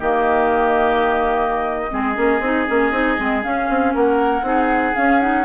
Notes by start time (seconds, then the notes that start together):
0.00 D#3 A#3 G4 D#5
1.90 G#3 C4 G#4
2.15 A#3 C#4
2.41 C4 D#4
2.67 A#3 C#4
2.92 C4 D#4
3.18 G#3 C4
3.43 C#4 F5
3.70 C4
3.95 A#3 A#4 F#5
4.42 C4 D#4 G#4
4.95 C#4 F5
5.21 D#4 F#5